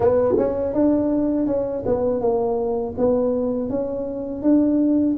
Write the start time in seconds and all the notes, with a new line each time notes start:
0.00 B3
0.37 C#4
0.73 D4
1.46 C#4
1.86 B3
2.20 A#3
2.97 B3
3.69 C#4
4.42 D4